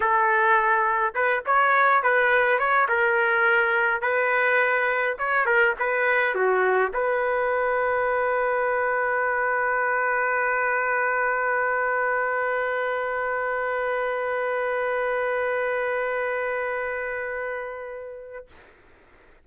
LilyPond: \new Staff \with { instrumentName = "trumpet" } { \time 4/4 \tempo 4 = 104 a'2 b'8 cis''4 b'8~ | b'8 cis''8 ais'2 b'4~ | b'4 cis''8 ais'8 b'4 fis'4 | b'1~ |
b'1~ | b'1~ | b'1~ | b'1 | }